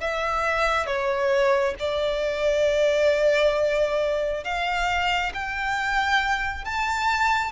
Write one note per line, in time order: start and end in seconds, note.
0.00 0.86 E5
0.86 1.74 C#5
1.79 4.44 D5
4.44 5.32 F5
5.34 6.65 G5
6.65 7.52 A5